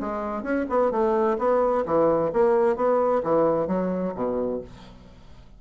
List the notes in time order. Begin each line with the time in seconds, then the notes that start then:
0.00 G#3
0.43 C#4
0.69 B3
0.91 A3
1.38 B3
1.85 E3
2.33 A#3
2.76 B3
3.23 E3
3.67 F#3
4.15 B2